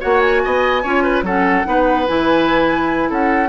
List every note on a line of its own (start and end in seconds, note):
0.00 0.45 A#3
0.00 0.82 F#4
0.00 0.41 C#5
0.00 0.20 F#5
0.20 1.23 G#5
0.44 0.84 B3
0.44 0.83 D#5
0.83 1.22 C#4
0.83 1.25 F4
0.83 1.03 C#5
1.03 1.24 B4
1.22 1.63 F#3
1.22 1.65 C#4
1.22 1.66 A4
1.22 2.07 F#5
1.65 2.08 B3
1.65 2.06 D#4
1.65 3.10 B4
2.07 3.10 E3
2.07 3.49 E4
2.07 3.10 G#5
3.10 3.49 C#4
3.10 3.49 A4
3.10 3.49 F#5